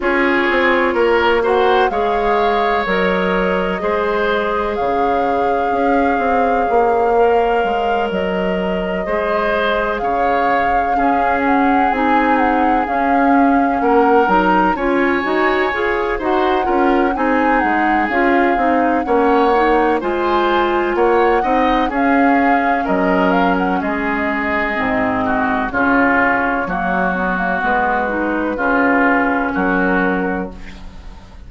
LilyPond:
<<
  \new Staff \with { instrumentName = "flute" } { \time 4/4 \tempo 4 = 63 cis''4. fis''8 f''4 dis''4~ | dis''4 f''2.~ | f''8 dis''2 f''4. | fis''8 gis''8 fis''8 f''4 fis''8 ais''8 gis''8~ |
gis''4 fis''4 gis''8 fis''8 f''4 | fis''4 gis''4 fis''4 f''4 | dis''8 f''16 fis''16 dis''2 cis''4~ | cis''4 b'2 ais'4 | }
  \new Staff \with { instrumentName = "oboe" } { \time 4/4 gis'4 ais'8 c''8 cis''2 | c''4 cis''2.~ | cis''4. c''4 cis''4 gis'8~ | gis'2~ gis'8 ais'4 cis''8~ |
cis''4 c''8 ais'8 gis'2 | cis''4 c''4 cis''8 dis''8 gis'4 | ais'4 gis'4. fis'8 f'4 | fis'2 f'4 fis'4 | }
  \new Staff \with { instrumentName = "clarinet" } { \time 4/4 f'4. fis'8 gis'4 ais'4 | gis'2.~ gis'8 ais'8~ | ais'4. gis'2 cis'8~ | cis'8 dis'4 cis'4. dis'8 f'8 |
fis'8 gis'8 fis'8 f'8 dis'4 f'8 dis'8 | cis'8 dis'8 f'4. dis'8 cis'4~ | cis'2 c'4 cis'4 | ais8 b16 ais16 b8 dis'8 cis'2 | }
  \new Staff \with { instrumentName = "bassoon" } { \time 4/4 cis'8 c'8 ais4 gis4 fis4 | gis4 cis4 cis'8 c'8 ais4 | gis8 fis4 gis4 cis4 cis'8~ | cis'8 c'4 cis'4 ais8 fis8 cis'8 |
dis'8 f'8 dis'8 cis'8 c'8 gis8 cis'8 c'8 | ais4 gis4 ais8 c'8 cis'4 | fis4 gis4 gis,4 cis4 | fis4 gis4 cis4 fis4 | }
>>